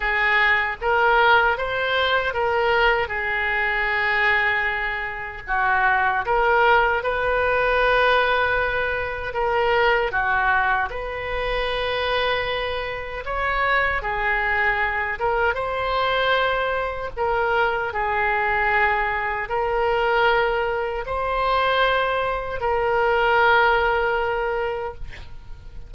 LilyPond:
\new Staff \with { instrumentName = "oboe" } { \time 4/4 \tempo 4 = 77 gis'4 ais'4 c''4 ais'4 | gis'2. fis'4 | ais'4 b'2. | ais'4 fis'4 b'2~ |
b'4 cis''4 gis'4. ais'8 | c''2 ais'4 gis'4~ | gis'4 ais'2 c''4~ | c''4 ais'2. | }